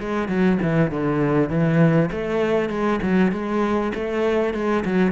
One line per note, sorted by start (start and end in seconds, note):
0.00 0.28 G#3
0.28 0.58 F#3
0.63 0.91 E3
0.91 1.49 D3
1.49 2.10 E3
2.11 2.69 A3
2.69 3.00 G#3
3.02 3.32 F#3
3.32 3.93 G#3
3.94 4.54 A3
4.54 4.84 G#3
4.85 5.12 F#3